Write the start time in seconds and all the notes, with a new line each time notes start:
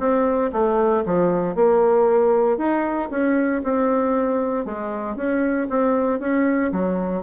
0.00 C4
0.53 A3
1.06 F3
1.55 A#3
2.58 D#4
3.11 C#4
3.64 C4
4.66 G#3
5.16 C#4
5.70 C4
6.20 C#4
6.72 F#3